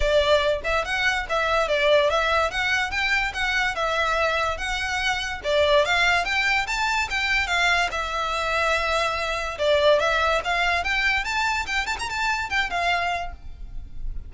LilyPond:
\new Staff \with { instrumentName = "violin" } { \time 4/4 \tempo 4 = 144 d''4. e''8 fis''4 e''4 | d''4 e''4 fis''4 g''4 | fis''4 e''2 fis''4~ | fis''4 d''4 f''4 g''4 |
a''4 g''4 f''4 e''4~ | e''2. d''4 | e''4 f''4 g''4 a''4 | g''8 a''16 ais''16 a''4 g''8 f''4. | }